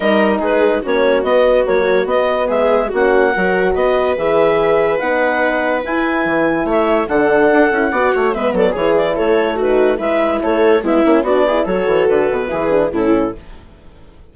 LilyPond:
<<
  \new Staff \with { instrumentName = "clarinet" } { \time 4/4 \tempo 4 = 144 dis''4 b'4 cis''4 dis''4 | cis''4 dis''4 e''4 fis''4~ | fis''4 dis''4 e''2 | fis''2 gis''2 |
e''4 fis''2. | e''8 d''8 cis''8 d''8 cis''4 b'4 | e''4 cis''4 e''4 d''4 | cis''4 b'2 a'4 | }
  \new Staff \with { instrumentName = "viola" } { \time 4/4 ais'4 gis'4 fis'2~ | fis'2 gis'4 fis'4 | ais'4 b'2.~ | b'1 |
cis''4 a'2 d''8 cis''8 | b'8 a'8 gis'4 a'4 fis'4 | b'4 a'4 e'4 fis'8 gis'8 | a'2 gis'4 e'4 | }
  \new Staff \with { instrumentName = "horn" } { \time 4/4 dis'2 cis'4 b4 | fis4 b2 cis'4 | fis'2 gis'2 | dis'2 e'2~ |
e'4 d'4. e'8 fis'4 | b4 e'2 dis'4 | e'2 b8 cis'8 d'8 e'8 | fis'2 e'8 d'8 cis'4 | }
  \new Staff \with { instrumentName = "bassoon" } { \time 4/4 g4 gis4 ais4 b4 | ais4 b4 gis4 ais4 | fis4 b4 e2 | b2 e'4 e4 |
a4 d4 d'8 cis'8 b8 a8 | gis8 fis8 e4 a2 | gis4 a4 gis8 ais8 b4 | fis8 e8 d8 b,8 e4 a,4 | }
>>